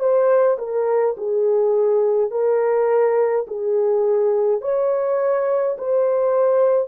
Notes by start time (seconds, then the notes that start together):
0.00 C5
0.58 A#4
1.17 G#4
2.31 A#4
3.48 G#4
4.62 C#5
5.78 C5